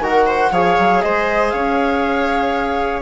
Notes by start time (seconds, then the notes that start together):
0.00 D#3 F#4 A#4 F#5
0.27 C5
0.51 F3 G#4 C#5 F5
0.79 F#3
1.02 G#3 C5 D#5
1.50 C#4 C#5 F5